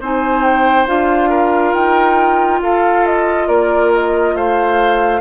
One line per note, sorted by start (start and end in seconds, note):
0.00 0.87 C4
0.00 0.87 D#4
0.00 1.29 C5
0.00 0.43 G#5
0.43 0.86 G5
0.87 1.74 D4
0.87 5.21 F4
0.87 1.74 F5
1.29 2.60 A#4
1.74 2.61 D#4
1.74 2.61 G5
2.62 3.48 F4
2.62 3.48 A4
2.62 3.06 F5
3.06 3.48 D#5
3.48 4.35 A#3
3.48 4.35 A#4
3.48 3.91 D5
3.93 4.36 D#5
4.35 5.21 A3
4.35 5.21 C5
4.35 5.21 F5